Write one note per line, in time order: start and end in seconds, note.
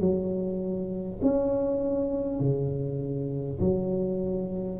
0.00 1.20 F#3
1.22 2.39 C#4
2.39 3.59 C#3
3.59 4.79 F#3